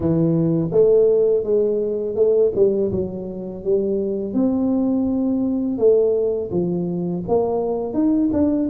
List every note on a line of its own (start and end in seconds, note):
0.00 0.70 E3
0.71 1.43 A3
1.43 2.15 G#3
2.15 2.51 A3
2.55 2.91 G3
2.91 3.63 F#3
3.63 4.33 G3
4.33 5.78 C4
5.78 6.50 A3
6.51 7.23 F3
7.27 7.93 A#3
7.93 8.29 D#4
8.32 8.68 D4